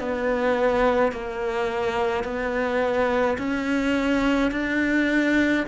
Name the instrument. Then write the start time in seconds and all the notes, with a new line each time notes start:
cello
0.00 B3
1.13 A#3
2.24 B3
3.39 C#4
4.52 D4